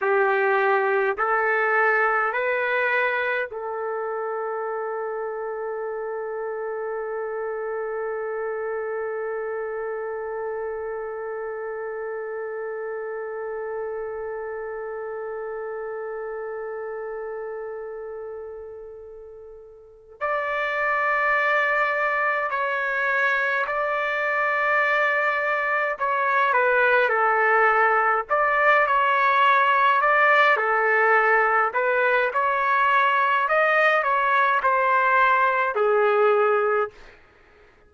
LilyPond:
\new Staff \with { instrumentName = "trumpet" } { \time 4/4 \tempo 4 = 52 g'4 a'4 b'4 a'4~ | a'1~ | a'1~ | a'1~ |
a'4. d''2 cis''8~ | cis''8 d''2 cis''8 b'8 a'8~ | a'8 d''8 cis''4 d''8 a'4 b'8 | cis''4 dis''8 cis''8 c''4 gis'4 | }